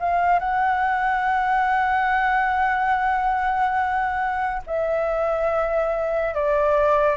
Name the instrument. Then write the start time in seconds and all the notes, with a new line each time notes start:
flute
0.00 F5
0.40 F#5
4.67 E5
6.35 D5